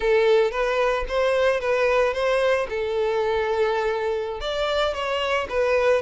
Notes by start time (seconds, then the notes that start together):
0.00 A4
0.51 B4
1.08 C5
1.60 B4
2.13 C5
2.69 A4
4.40 D5
4.93 C#5
5.49 B4